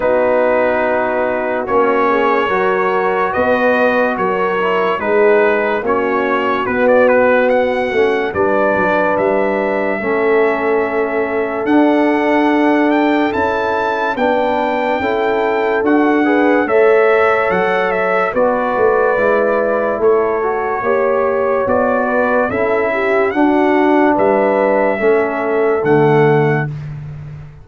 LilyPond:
<<
  \new Staff \with { instrumentName = "trumpet" } { \time 4/4 \tempo 4 = 72 b'2 cis''2 | dis''4 cis''4 b'4 cis''4 | b'16 d''16 b'8 fis''4 d''4 e''4~ | e''2 fis''4. g''8 |
a''4 g''2 fis''4 | e''4 fis''8 e''8 d''2 | cis''2 d''4 e''4 | fis''4 e''2 fis''4 | }
  \new Staff \with { instrumentName = "horn" } { \time 4/4 fis'2~ fis'8 gis'8 ais'4 | b'4 ais'4 gis'4 fis'4~ | fis'2 b'2 | a'1~ |
a'4 b'4 a'4. b'8 | cis''2 b'2 | a'4 cis''4. b'8 a'8 g'8 | fis'4 b'4 a'2 | }
  \new Staff \with { instrumentName = "trombone" } { \time 4/4 dis'2 cis'4 fis'4~ | fis'4. e'8 dis'4 cis'4 | b4. cis'8 d'2 | cis'2 d'2 |
e'4 d'4 e'4 fis'8 gis'8 | a'2 fis'4 e'4~ | e'8 fis'8 g'4 fis'4 e'4 | d'2 cis'4 a4 | }
  \new Staff \with { instrumentName = "tuba" } { \time 4/4 b2 ais4 fis4 | b4 fis4 gis4 ais4 | b4. a8 g8 fis8 g4 | a2 d'2 |
cis'4 b4 cis'4 d'4 | a4 fis4 b8 a8 gis4 | a4 ais4 b4 cis'4 | d'4 g4 a4 d4 | }
>>